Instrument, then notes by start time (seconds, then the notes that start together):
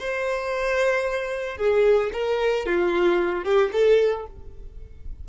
violin
0.00 C5
1.58 G#4
2.13 A#4
2.67 F4
3.44 G4
3.73 A4